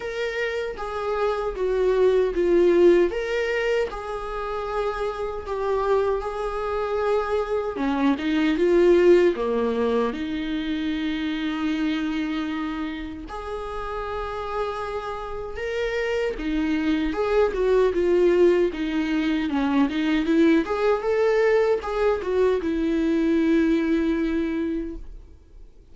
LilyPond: \new Staff \with { instrumentName = "viola" } { \time 4/4 \tempo 4 = 77 ais'4 gis'4 fis'4 f'4 | ais'4 gis'2 g'4 | gis'2 cis'8 dis'8 f'4 | ais4 dis'2.~ |
dis'4 gis'2. | ais'4 dis'4 gis'8 fis'8 f'4 | dis'4 cis'8 dis'8 e'8 gis'8 a'4 | gis'8 fis'8 e'2. | }